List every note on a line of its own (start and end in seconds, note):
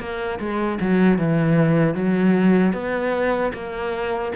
0.00 0.39 A#3
0.39 0.79 G#3
0.81 1.18 F#3
1.18 1.95 E3
1.95 2.73 F#3
2.73 3.52 B3
3.54 4.33 A#3